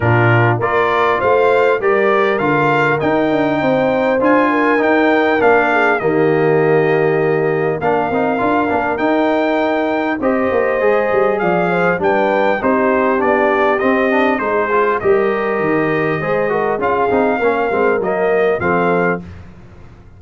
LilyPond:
<<
  \new Staff \with { instrumentName = "trumpet" } { \time 4/4 \tempo 4 = 100 ais'4 d''4 f''4 d''4 | f''4 g''2 gis''4 | g''4 f''4 dis''2~ | dis''4 f''2 g''4~ |
g''4 dis''2 f''4 | g''4 c''4 d''4 dis''4 | c''4 dis''2. | f''2 dis''4 f''4 | }
  \new Staff \with { instrumentName = "horn" } { \time 4/4 f'4 ais'4 c''4 ais'4~ | ais'2 c''4. ais'8~ | ais'4. gis'8 g'2~ | g'4 ais'2.~ |
ais'4 c''2 d''8 c''8 | b'4 g'2. | gis'4 ais'2 c''8 ais'8 | gis'4 ais'2 a'4 | }
  \new Staff \with { instrumentName = "trombone" } { \time 4/4 d'4 f'2 g'4 | f'4 dis'2 f'4 | dis'4 d'4 ais2~ | ais4 d'8 dis'8 f'8 d'8 dis'4~ |
dis'4 g'4 gis'2 | d'4 dis'4 d'4 c'8 d'8 | dis'8 f'8 g'2 gis'8 fis'8 | f'8 dis'8 cis'8 c'8 ais4 c'4 | }
  \new Staff \with { instrumentName = "tuba" } { \time 4/4 ais,4 ais4 a4 g4 | d4 dis'8 d'8 c'4 d'4 | dis'4 ais4 dis2~ | dis4 ais8 c'8 d'8 ais8 dis'4~ |
dis'4 c'8 ais8 gis8 g8 f4 | g4 c'4 b4 c'4 | gis4 g4 dis4 gis4 | cis'8 c'8 ais8 gis8 fis4 f4 | }
>>